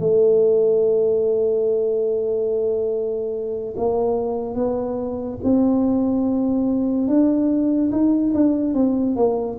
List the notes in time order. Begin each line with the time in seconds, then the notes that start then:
0.00 A3
3.77 A#3
4.55 B3
5.44 C4
7.08 D4
7.92 D#4
8.34 D4
8.75 C4
9.16 A#3